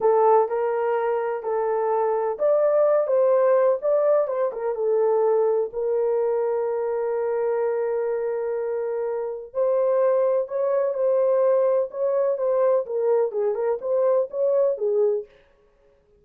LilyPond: \new Staff \with { instrumentName = "horn" } { \time 4/4 \tempo 4 = 126 a'4 ais'2 a'4~ | a'4 d''4. c''4. | d''4 c''8 ais'8 a'2 | ais'1~ |
ais'1 | c''2 cis''4 c''4~ | c''4 cis''4 c''4 ais'4 | gis'8 ais'8 c''4 cis''4 gis'4 | }